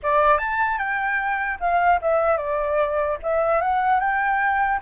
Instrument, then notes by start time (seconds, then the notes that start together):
flute
0.03 D5
0.38 A5
0.78 G5
1.59 F5
2.01 E5
2.37 D5
3.22 E5
3.61 F#5
4.00 G5